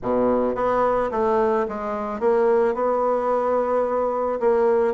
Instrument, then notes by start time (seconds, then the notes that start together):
bassoon
0.02 B2
0.55 B3
1.11 A3
1.68 G#3
2.19 A#3
2.74 B3
4.40 A#3